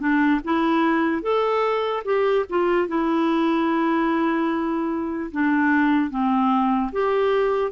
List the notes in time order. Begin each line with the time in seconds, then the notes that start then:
0.00 D4
0.44 E4
1.22 A4
2.05 G4
2.49 F4
2.88 E4
5.32 D4
6.10 C4
6.92 G4